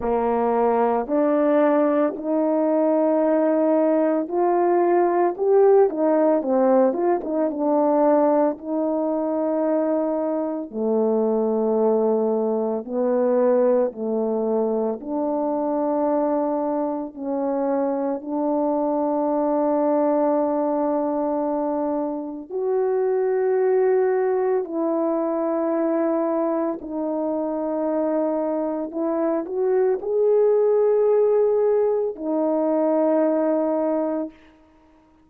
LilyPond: \new Staff \with { instrumentName = "horn" } { \time 4/4 \tempo 4 = 56 ais4 d'4 dis'2 | f'4 g'8 dis'8 c'8 f'16 dis'16 d'4 | dis'2 a2 | b4 a4 d'2 |
cis'4 d'2.~ | d'4 fis'2 e'4~ | e'4 dis'2 e'8 fis'8 | gis'2 dis'2 | }